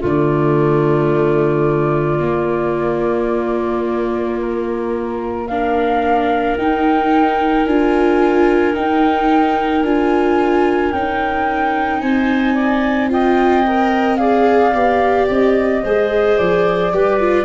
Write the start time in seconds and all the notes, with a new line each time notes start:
0.00 D3 A3 F4 D5
2.19 A#3
4.41 A#4
5.47 D4 A#4 F5
6.57 D#4 G5
7.66 D4 F4 G#5
8.74 D#4 G5
9.83 D4 F4 G#5
10.92 C#4 D#4 G5
12.00 C4 C5 G#5
12.55 D5
13.10 F4 D#5 G5
13.67 A#4
14.16 G#4 D5 F5
14.74 B3 G4
15.29 C4 D#5
15.83 G#3 G#4 C5
16.38 F3 D5
16.93 G3 G4 B4
17.20 F4